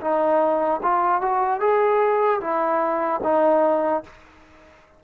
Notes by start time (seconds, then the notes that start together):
0.00 D#4
0.83 F4
1.21 F#4
1.60 G#4
2.40 E4
3.23 D#4